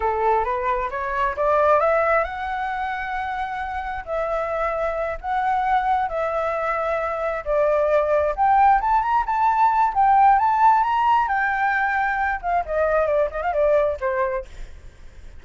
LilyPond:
\new Staff \with { instrumentName = "flute" } { \time 4/4 \tempo 4 = 133 a'4 b'4 cis''4 d''4 | e''4 fis''2.~ | fis''4 e''2~ e''8 fis''8~ | fis''4. e''2~ e''8~ |
e''8 d''2 g''4 a''8 | ais''8 a''4. g''4 a''4 | ais''4 g''2~ g''8 f''8 | dis''4 d''8 dis''16 f''16 d''4 c''4 | }